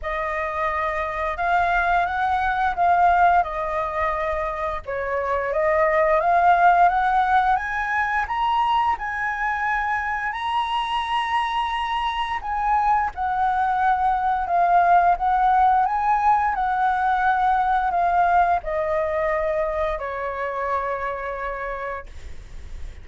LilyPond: \new Staff \with { instrumentName = "flute" } { \time 4/4 \tempo 4 = 87 dis''2 f''4 fis''4 | f''4 dis''2 cis''4 | dis''4 f''4 fis''4 gis''4 | ais''4 gis''2 ais''4~ |
ais''2 gis''4 fis''4~ | fis''4 f''4 fis''4 gis''4 | fis''2 f''4 dis''4~ | dis''4 cis''2. | }